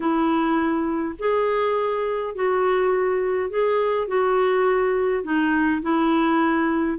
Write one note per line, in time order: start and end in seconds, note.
0.00 1.15 E4
1.18 2.35 G#4
2.35 3.50 F#4
3.50 4.07 G#4
4.07 5.23 F#4
5.23 5.81 D#4
5.82 6.98 E4